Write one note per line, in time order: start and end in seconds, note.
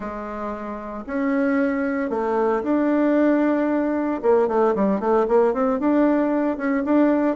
0.00 1.04 G#3
1.06 2.10 C#4
2.10 2.62 A3
2.63 4.21 D4
4.22 4.48 A#3
4.48 4.74 A3
4.75 5.00 G3
5.00 5.26 A3
5.28 5.53 A#3
5.53 5.79 C4
5.79 6.57 D4
6.57 6.83 C#4
6.84 7.36 D4